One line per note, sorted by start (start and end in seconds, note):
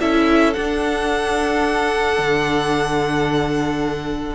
0.00 0.56 C#4
0.00 0.55 E4
0.00 4.35 A4
0.00 0.54 E5
0.54 4.35 D4
0.54 2.19 D4
0.54 4.35 F#5
2.19 4.35 D3